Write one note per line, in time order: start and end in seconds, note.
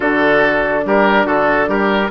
0.00 0.85 D3
0.00 2.07 D4
0.00 0.84 F#4
0.00 0.84 A4
0.85 1.25 G3
0.85 1.25 G4
0.85 1.26 A#4
1.25 1.67 D3
1.25 1.68 F#4
1.25 1.69 A4
1.67 2.10 G3
1.67 2.10 G4
1.67 2.10 A#4